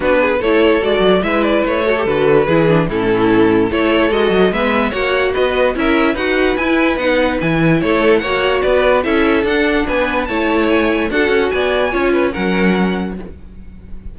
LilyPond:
<<
  \new Staff \with { instrumentName = "violin" } { \time 4/4 \tempo 4 = 146 b'4 cis''4 d''4 e''8 d''8 | cis''4 b'2 a'4~ | a'4 cis''4 dis''4 e''4 | fis''4 dis''4 e''4 fis''4 |
gis''4 fis''4 gis''4 cis''4 | fis''4 d''4 e''4 fis''4 | gis''4 a''4 gis''4 fis''4 | gis''2 fis''2 | }
  \new Staff \with { instrumentName = "violin" } { \time 4/4 fis'8 gis'8 a'2 b'4~ | b'8 a'4. gis'4 e'4~ | e'4 a'2 b'4 | cis''4 b'4 ais'4 b'4~ |
b'2. a'4 | cis''4 b'4 a'2 | b'4 cis''2 a'4 | d''4 cis''8 b'8 ais'2 | }
  \new Staff \with { instrumentName = "viola" } { \time 4/4 d'4 e'4 fis'4 e'4~ | e'8 fis'16 g'16 fis'4 e'8 d'8 cis'4~ | cis'4 e'4 fis'4 b4 | fis'2 e'4 fis'4 |
e'4 dis'4 e'2 | fis'2 e'4 d'4~ | d'4 e'2 fis'4~ | fis'4 f'4 cis'2 | }
  \new Staff \with { instrumentName = "cello" } { \time 4/4 b4 a4 gis8 fis8 gis4 | a4 d4 e4 a,4~ | a,4 a4 gis8 fis8 gis4 | ais4 b4 cis'4 dis'4 |
e'4 b4 e4 a4 | ais4 b4 cis'4 d'4 | b4 a2 d'8 cis'8 | b4 cis'4 fis2 | }
>>